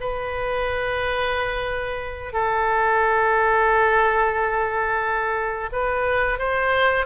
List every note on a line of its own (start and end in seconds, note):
0.00 2.33 B4
2.33 5.70 A4
5.72 6.38 B4
6.38 7.05 C5